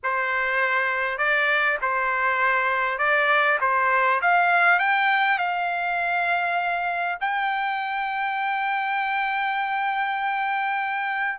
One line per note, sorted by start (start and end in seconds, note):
0.03 1.18 C5
1.18 1.78 D5
1.81 2.98 C5
2.98 3.58 D5
3.60 4.20 C5
4.21 4.79 F5
4.79 5.38 G5
5.38 7.18 F5
7.20 11.38 G5